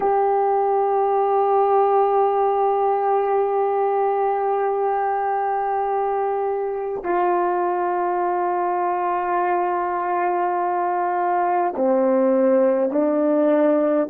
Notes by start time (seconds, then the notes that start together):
0.00 G4
7.03 F4
11.75 C4
12.91 D4